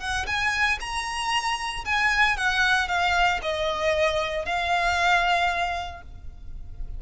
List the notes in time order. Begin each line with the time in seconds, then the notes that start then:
0.00 F#5
0.27 G#5
0.81 A#5
1.85 G#5
2.37 F#5
2.88 F5
3.42 D#5
4.45 F5